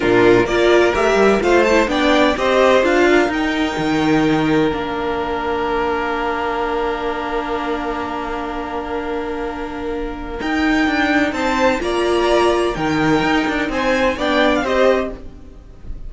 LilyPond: <<
  \new Staff \with { instrumentName = "violin" } { \time 4/4 \tempo 4 = 127 ais'4 d''4 e''4 f''8 a''8 | g''4 dis''4 f''4 g''4~ | g''2 f''2~ | f''1~ |
f''1~ | f''2 g''2 | a''4 ais''2 g''4~ | g''4 gis''4 g''8. f''16 dis''4 | }
  \new Staff \with { instrumentName = "violin" } { \time 4/4 f'4 ais'2 c''4 | d''4 c''4. ais'4.~ | ais'1~ | ais'1~ |
ais'1~ | ais'1 | c''4 d''2 ais'4~ | ais'4 c''4 d''4 c''4 | }
  \new Staff \with { instrumentName = "viola" } { \time 4/4 d'4 f'4 g'4 f'8 e'8 | d'4 g'4 f'4 dis'4~ | dis'2 d'2~ | d'1~ |
d'1~ | d'2 dis'2~ | dis'4 f'2 dis'4~ | dis'2 d'4 g'4 | }
  \new Staff \with { instrumentName = "cello" } { \time 4/4 ais,4 ais4 a8 g8 a4 | b4 c'4 d'4 dis'4 | dis2 ais2~ | ais1~ |
ais1~ | ais2 dis'4 d'4 | c'4 ais2 dis4 | dis'8 d'8 c'4 b4 c'4 | }
>>